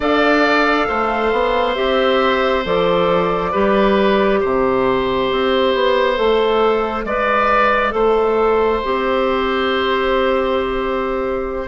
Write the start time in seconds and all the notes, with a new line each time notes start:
0.00 D4 A4 D5 F5
0.88 A3 C5
1.32 B3
1.75 C4 G4 E5
2.64 F3 A4 D5
3.51 G3 G4 B4
4.39 C3 C5 E5
5.31 C4
5.74 B3
6.15 A3 A4
7.04 G#3 B4 D5
7.90 A3 A4 C5
8.84 C4 G4